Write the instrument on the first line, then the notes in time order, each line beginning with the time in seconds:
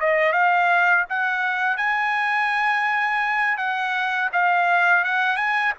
trumpet
0.00 D#5
0.33 F5
1.09 F#5
1.77 G#5
3.57 F#5
4.33 F5
5.04 F#5
5.37 G#5